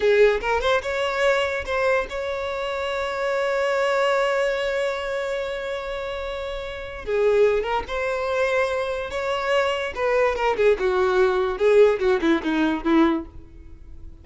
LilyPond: \new Staff \with { instrumentName = "violin" } { \time 4/4 \tempo 4 = 145 gis'4 ais'8 c''8 cis''2 | c''4 cis''2.~ | cis''1~ | cis''1~ |
cis''4 gis'4. ais'8 c''4~ | c''2 cis''2 | b'4 ais'8 gis'8 fis'2 | gis'4 fis'8 e'8 dis'4 e'4 | }